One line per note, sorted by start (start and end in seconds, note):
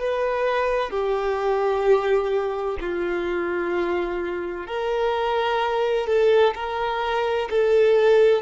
0.00 0.91 B4
0.91 2.78 G4
2.81 4.67 F4
4.67 6.08 A#4
6.08 6.55 A4
6.55 7.49 A#4
7.50 8.42 A4